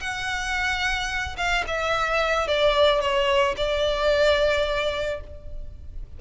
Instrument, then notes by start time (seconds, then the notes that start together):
violin
0.00 F#5
1.37 F5
1.67 E5
2.47 D5
3.01 C#5
3.57 D5